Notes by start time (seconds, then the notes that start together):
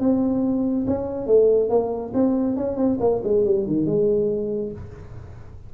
0.00 C4
0.87 C#4
1.27 A3
1.70 A#3
2.14 C4
2.57 C#4
2.77 C4
3.01 A#3
3.24 G#3
3.46 G3
3.67 D#3
3.86 G#3